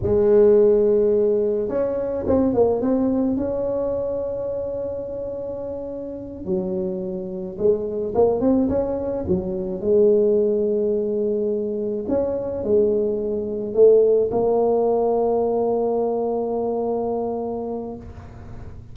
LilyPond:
\new Staff \with { instrumentName = "tuba" } { \time 4/4 \tempo 4 = 107 gis2. cis'4 | c'8 ais8 c'4 cis'2~ | cis'2.~ cis'8 fis8~ | fis4. gis4 ais8 c'8 cis'8~ |
cis'8 fis4 gis2~ gis8~ | gis4. cis'4 gis4.~ | gis8 a4 ais2~ ais8~ | ais1 | }